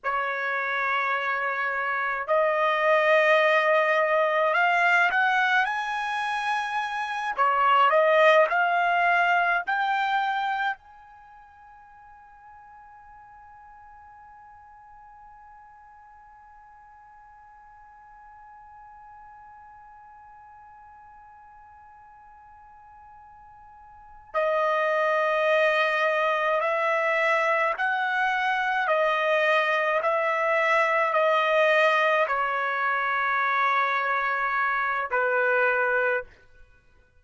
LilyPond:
\new Staff \with { instrumentName = "trumpet" } { \time 4/4 \tempo 4 = 53 cis''2 dis''2 | f''8 fis''8 gis''4. cis''8 dis''8 f''8~ | f''8 g''4 gis''2~ gis''8~ | gis''1~ |
gis''1~ | gis''4. dis''2 e''8~ | e''8 fis''4 dis''4 e''4 dis''8~ | dis''8 cis''2~ cis''8 b'4 | }